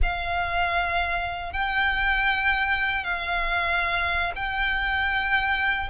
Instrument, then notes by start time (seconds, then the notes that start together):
violin
0.02 F5
1.52 G5
3.04 F5
4.35 G5